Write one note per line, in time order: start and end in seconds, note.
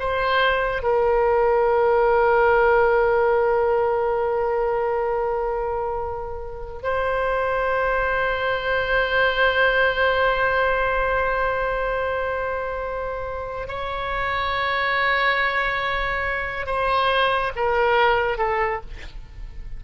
0.00 0.83 C5
0.83 6.83 A#4
6.83 13.68 C5
13.68 16.66 C#5
16.66 17.52 C5
17.56 18.38 A#4
18.38 18.81 A4